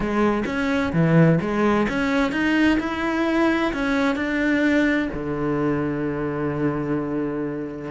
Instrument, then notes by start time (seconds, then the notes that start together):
cello
0.00 G#3
0.45 C#4
0.92 E3
1.40 G#3
1.88 C#4
2.32 D#4
2.79 E4
3.73 C#4
4.15 D4
5.13 D3